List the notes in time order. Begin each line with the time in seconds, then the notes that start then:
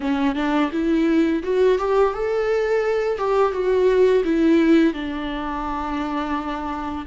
0.00 C#4
0.35 D4
0.72 E4
1.43 F#4
1.78 G4
2.13 A4
3.18 G4
3.52 F#4
4.24 E4
4.93 D4